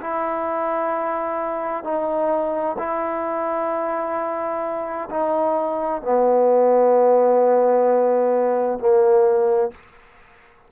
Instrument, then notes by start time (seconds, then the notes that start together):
trombone
0.00 E4
1.83 D#4
2.78 E4
5.10 D#4
6.02 B3
8.79 A#3